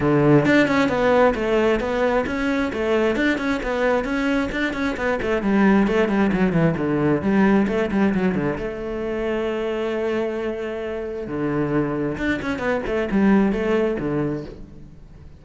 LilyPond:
\new Staff \with { instrumentName = "cello" } { \time 4/4 \tempo 4 = 133 d4 d'8 cis'8 b4 a4 | b4 cis'4 a4 d'8 cis'8 | b4 cis'4 d'8 cis'8 b8 a8 | g4 a8 g8 fis8 e8 d4 |
g4 a8 g8 fis8 d8 a4~ | a1~ | a4 d2 d'8 cis'8 | b8 a8 g4 a4 d4 | }